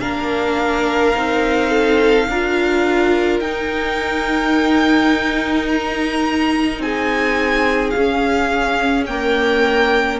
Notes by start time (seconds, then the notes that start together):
0.00 A#3 D4 A#4 F5
1.15 C4 D#4
1.70 A4
2.28 D4 F4 A#4
3.39 D#4 G5
5.68 A#5
6.79 C4 G#4 G#5
7.90 C#4 F5
7.96 C#4
9.06 A#3 A#4 G5